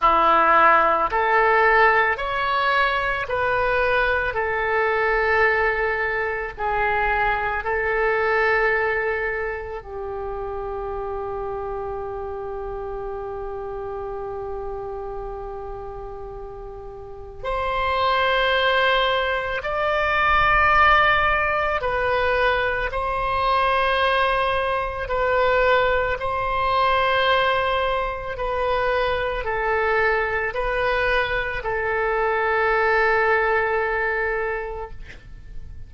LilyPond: \new Staff \with { instrumentName = "oboe" } { \time 4/4 \tempo 4 = 55 e'4 a'4 cis''4 b'4 | a'2 gis'4 a'4~ | a'4 g'2.~ | g'1 |
c''2 d''2 | b'4 c''2 b'4 | c''2 b'4 a'4 | b'4 a'2. | }